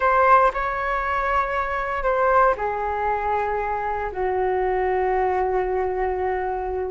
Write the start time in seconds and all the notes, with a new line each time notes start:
0.00 C5
0.53 C#5
2.03 C5
2.57 G#4
4.12 F#4